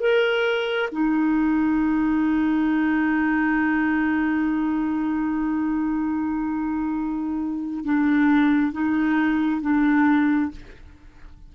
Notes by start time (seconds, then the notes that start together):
0.00 A#4
0.92 D#4
7.85 D4
8.72 D#4
9.62 D4